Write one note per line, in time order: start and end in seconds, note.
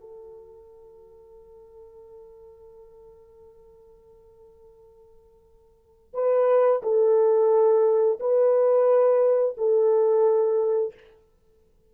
0.00 6.13 A4
6.13 6.82 B4
6.82 8.18 A4
8.19 9.56 B4
9.57 10.94 A4